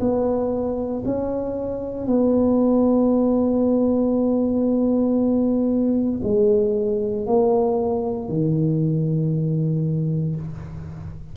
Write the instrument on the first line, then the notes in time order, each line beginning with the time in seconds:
tuba
0.00 B3
1.05 C#4
2.07 B3
6.24 G#3
7.26 A#3
8.29 D#3